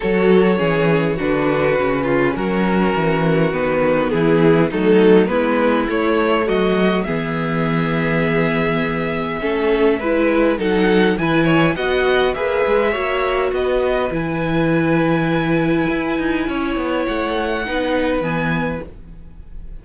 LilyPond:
<<
  \new Staff \with { instrumentName = "violin" } { \time 4/4 \tempo 4 = 102 cis''2 b'2 | ais'2 b'4 gis'4 | a'4 b'4 cis''4 dis''4 | e''1~ |
e''2 fis''4 gis''4 | fis''4 e''2 dis''4 | gis''1~ | gis''4 fis''2 gis''4 | }
  \new Staff \with { instrumentName = "violin" } { \time 4/4 a'4 gis'4 fis'4. f'8 | fis'2. e'4 | dis'4 e'2 fis'4 | gis'1 |
a'4 b'4 a'4 b'8 cis''8 | dis''4 b'4 cis''4 b'4~ | b'1 | cis''2 b'2 | }
  \new Staff \with { instrumentName = "viola" } { \time 4/4 fis'4 cis'4 d'4 cis'4~ | cis'2 b2 | a4 b4 a2 | b1 |
cis'4 e'4 dis'4 e'4 | fis'4 gis'4 fis'2 | e'1~ | e'2 dis'4 b4 | }
  \new Staff \with { instrumentName = "cello" } { \time 4/4 fis4 e4 d4 cis4 | fis4 e4 dis4 e4 | fis4 gis4 a4 fis4 | e1 |
a4 gis4 fis4 e4 | b4 ais8 gis8 ais4 b4 | e2. e'8 dis'8 | cis'8 b8 a4 b4 e4 | }
>>